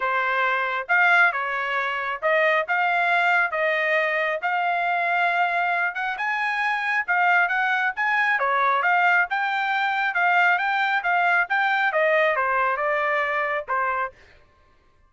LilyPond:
\new Staff \with { instrumentName = "trumpet" } { \time 4/4 \tempo 4 = 136 c''2 f''4 cis''4~ | cis''4 dis''4 f''2 | dis''2 f''2~ | f''4. fis''8 gis''2 |
f''4 fis''4 gis''4 cis''4 | f''4 g''2 f''4 | g''4 f''4 g''4 dis''4 | c''4 d''2 c''4 | }